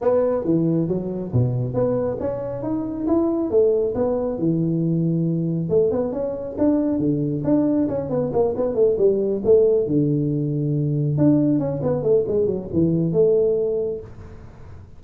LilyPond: \new Staff \with { instrumentName = "tuba" } { \time 4/4 \tempo 4 = 137 b4 e4 fis4 b,4 | b4 cis'4 dis'4 e'4 | a4 b4 e2~ | e4 a8 b8 cis'4 d'4 |
d4 d'4 cis'8 b8 ais8 b8 | a8 g4 a4 d4.~ | d4. d'4 cis'8 b8 a8 | gis8 fis8 e4 a2 | }